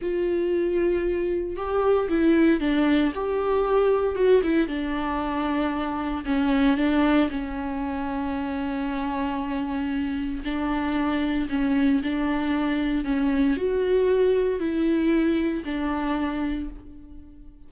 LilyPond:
\new Staff \with { instrumentName = "viola" } { \time 4/4 \tempo 4 = 115 f'2. g'4 | e'4 d'4 g'2 | fis'8 e'8 d'2. | cis'4 d'4 cis'2~ |
cis'1 | d'2 cis'4 d'4~ | d'4 cis'4 fis'2 | e'2 d'2 | }